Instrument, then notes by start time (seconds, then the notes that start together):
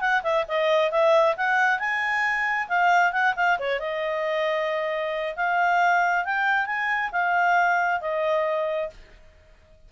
clarinet
0.00 F#5
0.23 E5
0.48 D#5
0.91 E5
1.36 F#5
1.79 G#5
2.68 F5
3.12 F#5
3.36 F5
3.59 C#5
3.79 D#5
5.36 F5
6.25 G5
6.65 G#5
7.12 F5
8.01 D#5